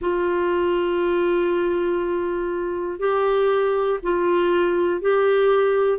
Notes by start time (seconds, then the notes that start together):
0.00 F4
2.99 G4
4.03 F4
5.00 G4